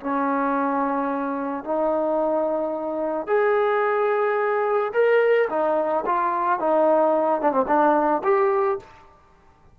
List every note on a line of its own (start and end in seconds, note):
0.00 1.64 C#4
1.64 3.27 D#4
3.27 4.92 G#4
4.93 5.48 A#4
5.49 6.04 D#4
6.06 6.59 F4
6.59 7.41 D#4
7.41 7.51 D4
7.51 7.65 C4
7.67 8.22 D4
8.23 8.78 G4